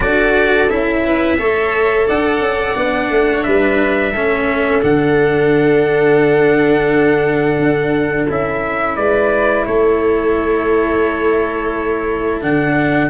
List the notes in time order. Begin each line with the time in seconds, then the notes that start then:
0.00 D4 F#4 A4 D5
0.69 C#4 E4 E5
1.03 B4
1.37 A3 A4 C#5
2.06 D4 D5 F#5
2.40 C#4
2.75 B3 D4
3.10 A3
3.32 C#5
3.43 G3 B4 E5
4.12 A3 C#4 A4
4.82 D3 D4 F#5
7.58 D4
8.29 C#4 E4 E5
8.95 G#3 B4 D5
9.66 A3 A4 C#5
12.41 D3 D4 F#5